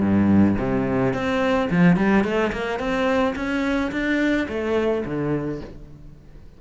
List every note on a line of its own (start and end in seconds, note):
0.00 0.56 G2
0.58 1.13 C3
1.13 1.69 C4
1.70 1.96 F3
1.96 2.23 G3
2.23 2.51 A3
2.52 2.79 A#3
2.79 3.34 C4
3.35 3.91 C#4
3.91 4.47 D4
4.48 5.04 A3
5.05 5.60 D3